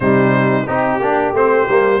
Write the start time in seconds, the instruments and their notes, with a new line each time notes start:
0.00 tuba C3, trombone G3, horn D#4, trumpet C5
0.66 tuba C4, trombone D#4, horn G4, trumpet G4
1.00 tuba A#3, trombone D4
1.32 tuba A3, trombone C4, trumpet C5
1.68 tuba G3, trombone A#3